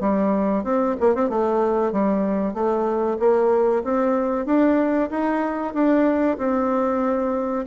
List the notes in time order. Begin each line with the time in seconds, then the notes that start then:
0.00 G3
0.63 C4
1.00 A#3
1.15 C4
1.29 A3
1.92 G3
2.54 A3
3.19 A#3
3.84 C4
4.45 D4
5.10 D#4
5.73 D4
6.38 C4